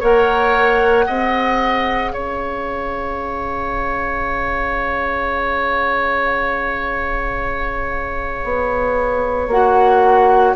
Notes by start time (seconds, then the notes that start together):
0.00 A#3 A#4 C#5 F#5
1.07 C4 G#4 D#5
2.13 C#4 C#5 F5
8.44 B3
9.48 A#3 F#4 F#5